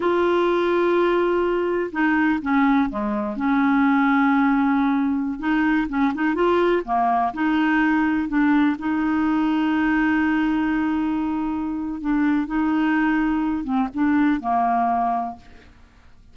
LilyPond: \new Staff \with { instrumentName = "clarinet" } { \time 4/4 \tempo 4 = 125 f'1 | dis'4 cis'4 gis4 cis'4~ | cis'2.~ cis'16 dis'8.~ | dis'16 cis'8 dis'8 f'4 ais4 dis'8.~ |
dis'4~ dis'16 d'4 dis'4.~ dis'16~ | dis'1~ | dis'4 d'4 dis'2~ | dis'8 c'8 d'4 ais2 | }